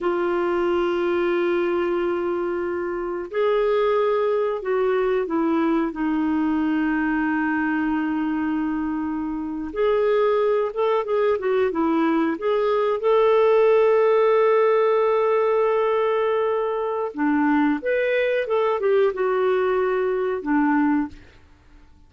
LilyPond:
\new Staff \with { instrumentName = "clarinet" } { \time 4/4 \tempo 4 = 91 f'1~ | f'4 gis'2 fis'4 | e'4 dis'2.~ | dis'2~ dis'8. gis'4~ gis'16~ |
gis'16 a'8 gis'8 fis'8 e'4 gis'4 a'16~ | a'1~ | a'2 d'4 b'4 | a'8 g'8 fis'2 d'4 | }